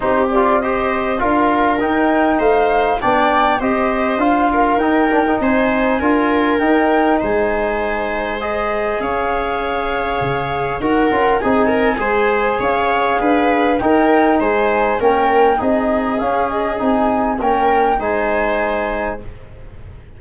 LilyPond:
<<
  \new Staff \with { instrumentName = "flute" } { \time 4/4 \tempo 4 = 100 c''8 d''8 dis''4 f''4 g''4 | f''4 g''4 dis''4 f''4 | g''4 gis''2 g''4 | gis''2 dis''4 f''4~ |
f''2 fis''4 gis''4~ | gis''4 f''2 g''4 | gis''4 g''4 dis''4 f''8 dis''8 | gis''4 g''4 gis''2 | }
  \new Staff \with { instrumentName = "viola" } { \time 4/4 g'4 c''4 ais'2 | c''4 d''4 c''4. ais'8~ | ais'4 c''4 ais'2 | c''2. cis''4~ |
cis''2 ais'4 gis'8 ais'8 | c''4 cis''4 b'4 ais'4 | c''4 ais'4 gis'2~ | gis'4 ais'4 c''2 | }
  \new Staff \with { instrumentName = "trombone" } { \time 4/4 dis'8 f'8 g'4 f'4 dis'4~ | dis'4 d'4 g'4 f'4 | dis'8 d'16 dis'4~ dis'16 f'4 dis'4~ | dis'2 gis'2~ |
gis'2 fis'8 f'8 dis'4 | gis'2. dis'4~ | dis'4 cis'4 dis'4 cis'4 | dis'4 cis'4 dis'2 | }
  \new Staff \with { instrumentName = "tuba" } { \time 4/4 c'2 d'4 dis'4 | a4 b4 c'4 d'4 | dis'4 c'4 d'4 dis'4 | gis2. cis'4~ |
cis'4 cis4 dis'8 cis'8 c'4 | gis4 cis'4 d'4 dis'4 | gis4 ais4 c'4 cis'4 | c'4 ais4 gis2 | }
>>